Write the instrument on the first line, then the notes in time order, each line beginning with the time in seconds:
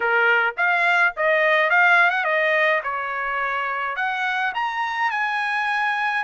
trumpet
0.00 A#4
0.57 F5
1.16 D#5
1.70 F5
2.10 F#5
2.24 D#5
2.83 C#5
3.96 F#5
4.54 A#5
5.10 G#5